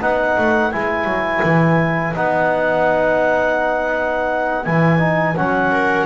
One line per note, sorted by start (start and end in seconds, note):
0.00 0.36 B3
0.00 0.72 D#4
0.00 5.71 B4
0.00 0.72 F#5
0.38 0.73 A3
0.72 1.05 G#3
0.72 2.15 E4
0.72 2.15 G#5
1.05 1.40 F#3
1.43 2.15 E3
2.15 4.66 B3
2.15 4.65 D#4
2.15 4.65 F#5
4.65 5.38 E3
4.65 4.99 E4
4.65 5.36 G#5
4.99 5.35 D#4
5.37 6.06 F#3
5.37 6.06 C#4
5.37 6.06 F#5
5.71 6.06 A#4